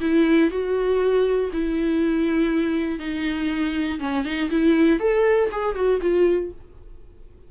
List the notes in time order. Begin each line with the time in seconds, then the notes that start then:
0.00 E4
0.50 F#4
1.52 E4
2.99 D#4
3.99 C#4
4.24 D#4
4.50 E4
4.99 A4
5.51 G#4
5.75 F#4
6.01 F4